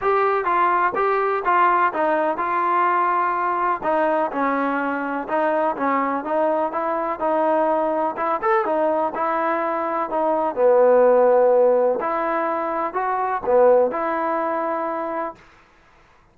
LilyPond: \new Staff \with { instrumentName = "trombone" } { \time 4/4 \tempo 4 = 125 g'4 f'4 g'4 f'4 | dis'4 f'2. | dis'4 cis'2 dis'4 | cis'4 dis'4 e'4 dis'4~ |
dis'4 e'8 a'8 dis'4 e'4~ | e'4 dis'4 b2~ | b4 e'2 fis'4 | b4 e'2. | }